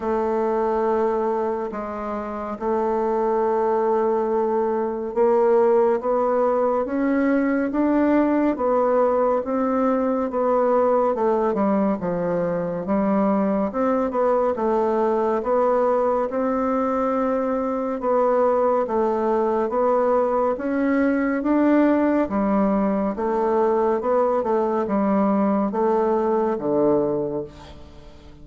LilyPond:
\new Staff \with { instrumentName = "bassoon" } { \time 4/4 \tempo 4 = 70 a2 gis4 a4~ | a2 ais4 b4 | cis'4 d'4 b4 c'4 | b4 a8 g8 f4 g4 |
c'8 b8 a4 b4 c'4~ | c'4 b4 a4 b4 | cis'4 d'4 g4 a4 | b8 a8 g4 a4 d4 | }